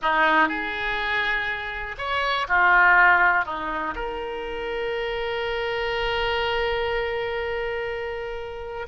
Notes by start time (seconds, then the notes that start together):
0.01 D#4
0.48 G#4
1.98 C#5
2.47 F4
3.45 D#4
3.95 A#4